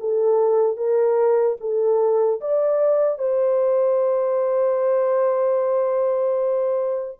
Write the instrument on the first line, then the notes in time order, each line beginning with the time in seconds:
horn
0.00 A4
0.76 A#4
1.60 A4
2.40 D5
3.18 C5